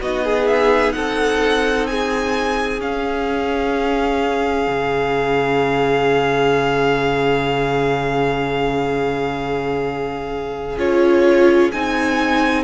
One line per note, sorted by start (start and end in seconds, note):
0.00 0.94 B3
0.00 2.80 D#4
0.00 0.24 F#4
0.00 0.47 D#5
0.24 0.94 G#4
0.47 0.92 E5
0.92 2.80 C4
0.92 1.89 A4
0.92 1.86 F#5
1.86 12.63 G#4
1.86 2.80 G#5
2.80 4.67 C#4
2.80 10.77 C#4
2.80 10.78 F5
4.67 10.76 C#3
10.77 11.71 C#4
10.77 11.71 F4
10.77 11.71 C#5
11.71 12.63 C4
11.71 12.63 D#4
11.71 12.63 G#5